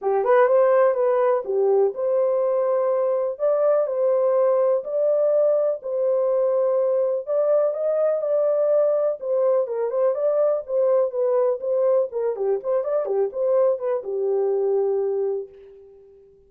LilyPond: \new Staff \with { instrumentName = "horn" } { \time 4/4 \tempo 4 = 124 g'8 b'8 c''4 b'4 g'4 | c''2. d''4 | c''2 d''2 | c''2. d''4 |
dis''4 d''2 c''4 | ais'8 c''8 d''4 c''4 b'4 | c''4 ais'8 g'8 c''8 d''8 g'8 c''8~ | c''8 b'8 g'2. | }